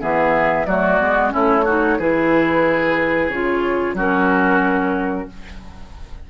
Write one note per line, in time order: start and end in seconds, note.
0.00 0.66 E3
0.00 0.66 B3
0.00 0.66 G#4
0.00 0.65 E5
0.65 0.99 F#3
0.65 1.00 A3
0.65 1.33 F#4
0.65 1.31 D5
1.00 1.33 G#3
1.00 1.29 B3
1.29 1.99 A3
1.29 1.62 C#4
1.29 1.65 E4
1.29 1.99 C#5
1.65 1.99 D#4
1.65 1.98 F#4
1.98 3.28 E3
1.98 3.31 E4
1.98 3.95 G#4
1.98 3.29 B4
3.28 3.93 C#3
3.28 3.97 F4
3.28 3.95 C#5
3.93 5.25 F#3
3.93 5.29 C#4
3.93 5.27 F#4
3.93 5.30 A#4